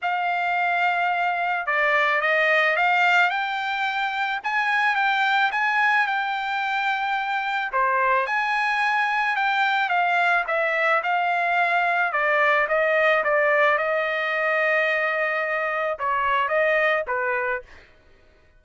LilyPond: \new Staff \with { instrumentName = "trumpet" } { \time 4/4 \tempo 4 = 109 f''2. d''4 | dis''4 f''4 g''2 | gis''4 g''4 gis''4 g''4~ | g''2 c''4 gis''4~ |
gis''4 g''4 f''4 e''4 | f''2 d''4 dis''4 | d''4 dis''2.~ | dis''4 cis''4 dis''4 b'4 | }